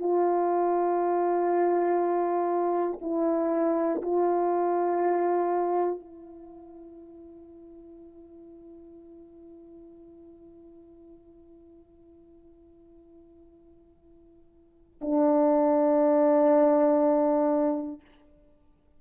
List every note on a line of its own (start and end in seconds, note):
0.00 3.00 F4
3.01 4.01 E4
4.03 6.00 F4
6.00 15.00 E4
15.02 18.02 D4